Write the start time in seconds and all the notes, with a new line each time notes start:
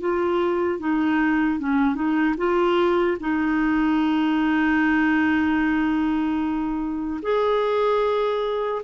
0.00 F4
0.79 D#4
1.59 C#4
1.95 D#4
2.37 F4
3.20 D#4
7.22 G#4